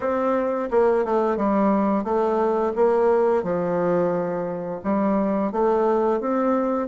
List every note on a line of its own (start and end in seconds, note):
0.00 0.69 C4
0.71 1.04 A#3
1.04 1.36 A3
1.36 2.03 G3
2.03 2.72 A3
2.75 3.43 A#3
3.43 4.81 F3
4.83 5.52 G3
5.52 6.20 A3
6.20 6.88 C4